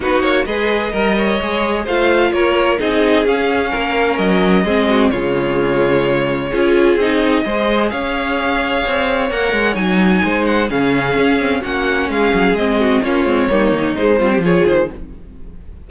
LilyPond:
<<
  \new Staff \with { instrumentName = "violin" } { \time 4/4 \tempo 4 = 129 b'8 cis''8 dis''2. | f''4 cis''4 dis''4 f''4~ | f''4 dis''2 cis''4~ | cis''2. dis''4~ |
dis''4 f''2. | fis''4 gis''4. fis''8 f''4~ | f''4 fis''4 f''4 dis''4 | cis''2 c''4 cis''8 c''8 | }
  \new Staff \with { instrumentName = "violin" } { \time 4/4 fis'4 gis'4 ais'8 cis''4. | c''4 ais'4 gis'2 | ais'2 gis'8 fis'8 f'4~ | f'2 gis'2 |
c''4 cis''2.~ | cis''2 c''4 gis'4~ | gis'4 fis'4 gis'4. fis'8 | f'4 dis'4. f'16 g'16 gis'4 | }
  \new Staff \with { instrumentName = "viola" } { \time 4/4 dis'4 b'4 ais'4 gis'4 | f'2 dis'4 cis'4~ | cis'2 c'4 gis4~ | gis2 f'4 dis'4 |
gis'1 | ais'4 dis'2 cis'4~ | cis'8 c'8 cis'2 c'4 | cis'8 c'8 ais4 gis8 c'8 f'4 | }
  \new Staff \with { instrumentName = "cello" } { \time 4/4 b8 ais8 gis4 g4 gis4 | a4 ais4 c'4 cis'4 | ais4 fis4 gis4 cis4~ | cis2 cis'4 c'4 |
gis4 cis'2 c'4 | ais8 gis8 fis4 gis4 cis4 | cis'4 ais4 gis8 fis8 gis4 | ais8 gis8 g8 dis8 gis8 g8 f8 dis8 | }
>>